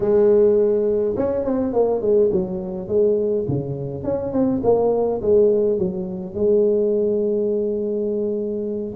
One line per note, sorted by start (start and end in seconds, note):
0.00 1.15 G#3
1.16 1.44 C#4
1.44 1.73 C4
1.73 2.01 A#3
2.01 2.30 G#3
2.32 2.87 F#3
2.87 3.45 G#3
3.48 4.03 C#3
4.03 4.32 C#4
4.32 4.61 C4
4.63 5.21 A#3
5.21 5.78 G#3
5.78 6.34 F#3
6.34 8.94 G#3